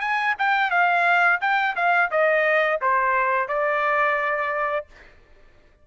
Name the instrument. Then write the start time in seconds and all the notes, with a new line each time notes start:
trumpet
0.00 G#5
0.39 G5
0.71 F5
1.41 G5
1.76 F5
2.11 D#5
2.81 C5
3.48 D5